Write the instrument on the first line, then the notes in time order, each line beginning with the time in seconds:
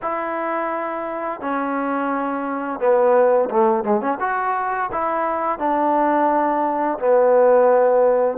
trombone
0.02 E4
1.40 C#4
2.79 B3
3.50 A3
3.84 G#3
4.00 C#4
4.20 F#4
4.92 E4
5.58 D4
6.98 B3